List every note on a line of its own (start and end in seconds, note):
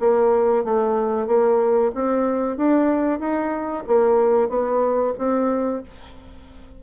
0.00 0.65 A#3
0.65 1.27 A3
1.27 1.92 A#3
1.95 2.57 C4
2.57 3.20 D4
3.20 3.84 D#4
3.87 4.50 A#3
4.50 5.14 B3
5.18 5.83 C4